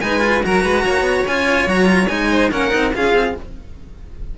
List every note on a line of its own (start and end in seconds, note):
0.00 0.43 G#3
0.00 0.20 D#4
0.00 0.45 B4
0.00 0.42 G#5
0.20 0.41 F4
0.43 0.64 F#3
0.43 1.26 F#4
0.43 0.63 A#4
0.43 1.27 A#5
0.63 0.85 G#3
0.63 0.84 B4
0.85 1.01 A#3
0.85 2.30 C#5
1.01 1.21 B3
1.27 1.66 C#4
1.27 1.68 F4
1.27 1.68 G#5
1.66 2.08 F#3
1.66 1.85 F#4
1.66 2.07 A#5
1.85 2.06 F4
2.07 2.51 G#3
2.07 2.51 D#4
2.07 2.49 G#5
2.30 2.51 C5
2.51 2.72 A#3
2.51 2.70 C#4
2.51 2.94 A#4
2.51 2.94 F#5
2.70 2.95 C4
2.70 2.91 D#4
2.94 3.13 C#4
2.94 3.36 F4
2.94 3.38 G#4
2.94 3.37 F5
3.13 3.34 C4